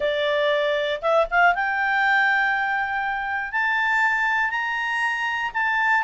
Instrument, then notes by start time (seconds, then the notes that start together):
clarinet
0.00 D5
1.01 E5
1.30 F5
1.54 G5
3.52 A5
4.50 A#5
5.53 A5